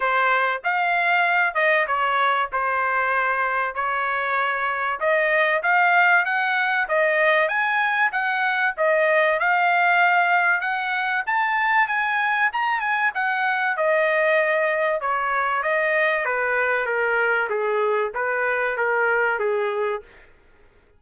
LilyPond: \new Staff \with { instrumentName = "trumpet" } { \time 4/4 \tempo 4 = 96 c''4 f''4. dis''8 cis''4 | c''2 cis''2 | dis''4 f''4 fis''4 dis''4 | gis''4 fis''4 dis''4 f''4~ |
f''4 fis''4 a''4 gis''4 | ais''8 gis''8 fis''4 dis''2 | cis''4 dis''4 b'4 ais'4 | gis'4 b'4 ais'4 gis'4 | }